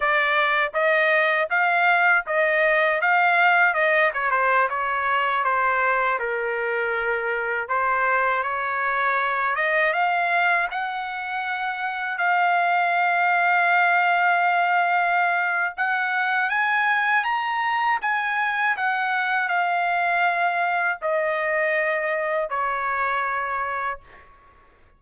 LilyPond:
\new Staff \with { instrumentName = "trumpet" } { \time 4/4 \tempo 4 = 80 d''4 dis''4 f''4 dis''4 | f''4 dis''8 cis''16 c''8 cis''4 c''8.~ | c''16 ais'2 c''4 cis''8.~ | cis''8. dis''8 f''4 fis''4.~ fis''16~ |
fis''16 f''2.~ f''8.~ | f''4 fis''4 gis''4 ais''4 | gis''4 fis''4 f''2 | dis''2 cis''2 | }